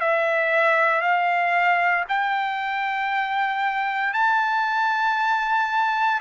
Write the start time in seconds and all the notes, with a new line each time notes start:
0.00 E5
1.01 F5
2.09 G5
4.14 A5